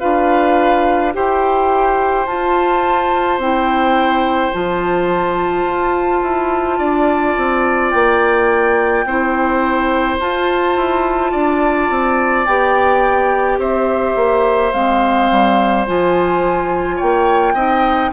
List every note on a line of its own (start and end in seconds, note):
0.00 1.16 D4
0.00 1.13 F4
0.00 1.13 B4
0.00 1.13 F5
1.13 2.27 E4
1.13 2.26 G4
1.13 6.79 C5
1.13 2.26 G5
2.26 3.38 F4
2.26 3.41 F4
2.26 3.40 A5
3.38 4.52 C4
3.38 4.53 E4
3.38 4.54 G5
4.53 5.64 F3
4.53 9.05 F4
4.53 7.91 A5
5.64 6.21 F4
6.23 6.80 E4
6.79 7.36 D4
6.79 9.05 D5
7.37 7.93 C4
7.91 9.05 A#3
7.91 10.17 G5
9.05 10.18 C4
9.05 10.21 E4
9.05 11.32 C5
10.20 10.77 F4
10.20 12.47 F4
10.20 12.46 A5
10.77 11.33 E4
11.32 11.90 D4
11.32 13.58 D5
11.90 12.47 C4
12.46 13.58 B3
12.46 14.73 G4
12.46 13.59 G5
13.58 14.15 C4
13.58 16.96 C5
13.58 14.72 E5
14.16 14.73 A#3
14.72 15.31 G#3
14.72 15.87 C4
14.72 15.86 F5
15.31 15.88 G3
15.87 17.01 F3
15.87 17.55 F4
15.87 17.00 G#5
16.96 17.54 A#3
16.96 17.53 C#5
16.96 18.13 G5
17.54 18.11 C4
17.54 18.12 D#4
17.54 18.11 D#5